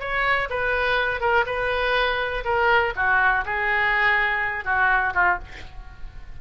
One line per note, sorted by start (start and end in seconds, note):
0.00 0.49 C#5
0.50 1.21 B4
1.21 1.45 A#4
1.46 2.44 B4
2.45 2.93 A#4
2.96 3.45 F#4
3.46 4.65 G#4
4.65 5.14 F#4
5.14 5.39 F4